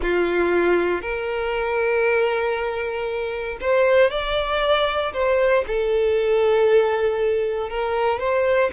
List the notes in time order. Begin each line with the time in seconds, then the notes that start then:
0.02 F4
1.01 A#4
3.60 C5
4.10 D5
5.13 C5
5.67 A4
7.69 A#4
8.19 C5